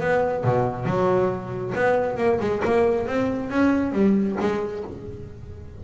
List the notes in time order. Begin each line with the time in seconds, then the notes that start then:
0.00 B3
0.44 B2
0.85 F#3
1.75 B3
2.17 A#3
2.40 G#3
2.64 A#3
3.07 C4
3.50 C#4
3.92 G3
4.40 G#3